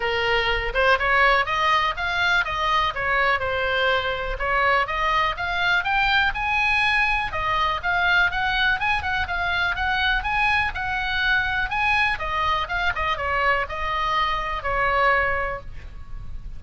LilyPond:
\new Staff \with { instrumentName = "oboe" } { \time 4/4 \tempo 4 = 123 ais'4. c''8 cis''4 dis''4 | f''4 dis''4 cis''4 c''4~ | c''4 cis''4 dis''4 f''4 | g''4 gis''2 dis''4 |
f''4 fis''4 gis''8 fis''8 f''4 | fis''4 gis''4 fis''2 | gis''4 dis''4 f''8 dis''8 cis''4 | dis''2 cis''2 | }